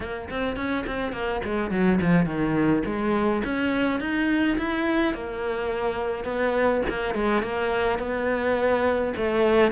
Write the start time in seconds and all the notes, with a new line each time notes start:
0.00 A#3
0.30 C4
0.56 C#4
0.86 C4
1.12 A#3
1.44 G#3
1.71 F#3
2.01 F3
2.25 D#3
2.85 G#3
3.44 C#4
3.99 D#4
4.58 E4
5.14 A#3
6.24 B3
6.89 A#3
7.14 G#3
7.42 A#3
7.98 B3
9.16 A3